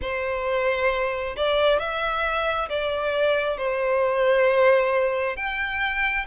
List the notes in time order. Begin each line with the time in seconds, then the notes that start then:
0.01 C5
1.36 D5
1.79 E5
2.69 D5
3.57 C5
5.36 G5